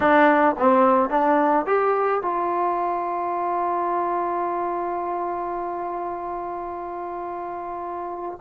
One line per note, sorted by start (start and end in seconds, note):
0.00 0.55 D4
0.58 1.09 C4
1.09 1.65 D4
1.66 2.22 G4
2.22 8.39 F4